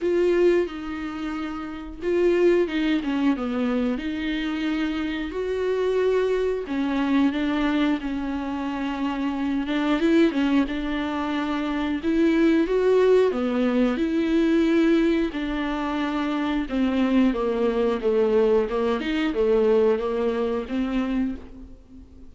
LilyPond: \new Staff \with { instrumentName = "viola" } { \time 4/4 \tempo 4 = 90 f'4 dis'2 f'4 | dis'8 cis'8 b4 dis'2 | fis'2 cis'4 d'4 | cis'2~ cis'8 d'8 e'8 cis'8 |
d'2 e'4 fis'4 | b4 e'2 d'4~ | d'4 c'4 ais4 a4 | ais8 dis'8 a4 ais4 c'4 | }